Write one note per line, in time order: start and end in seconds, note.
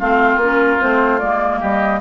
0.00 0.37 A3
0.00 0.42 C4
0.00 1.60 F4
0.00 0.41 F5
0.37 0.77 A#3
0.37 0.82 A#4
0.44 0.80 C#4
0.80 1.22 A3
0.80 1.20 C4
0.80 1.19 C5
1.19 1.63 G#3
1.19 2.01 A#3
1.19 1.60 D5
1.60 2.01 G3
1.60 2.00 G4
1.60 2.01 D#5